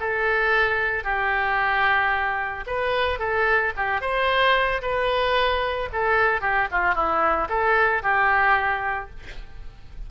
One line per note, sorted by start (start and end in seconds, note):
0.00 1.04 A4
1.04 2.65 G4
2.67 3.19 B4
3.19 3.73 A4
3.77 4.01 G4
4.01 4.82 C5
4.82 5.89 B4
5.93 6.41 A4
6.41 6.68 G4
6.72 6.95 F4
6.95 7.49 E4
7.49 8.03 A4
8.03 9.10 G4